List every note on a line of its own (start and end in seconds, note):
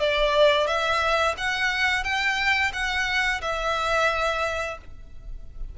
0.00 0.67 D5
0.67 1.35 E5
1.37 2.04 F#5
2.04 2.72 G5
2.73 3.41 F#5
3.42 4.78 E5